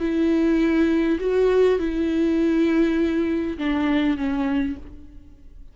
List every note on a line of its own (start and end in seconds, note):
0.00 1.19 E4
1.20 1.80 F#4
1.80 3.58 E4
3.58 4.17 D4
4.17 4.77 C#4